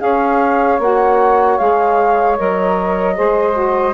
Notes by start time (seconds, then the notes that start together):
0.00 C#4 G#4 C#5 F5
0.79 A#3 F#4 F#5
1.58 G#3 G#4 F5
2.38 F#3 A#4 D#5
3.15 G#3 G#4 C5
3.53 F#4